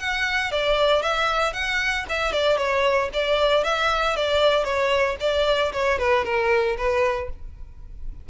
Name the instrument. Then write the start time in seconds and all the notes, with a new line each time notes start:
violin
0.00 F#5
0.52 D5
1.03 E5
1.54 F#5
2.10 E5
2.33 D5
2.58 C#5
3.14 D5
3.64 E5
4.17 D5
4.65 C#5
5.21 D5
5.73 C#5
5.99 B4
6.25 A#4
6.78 B4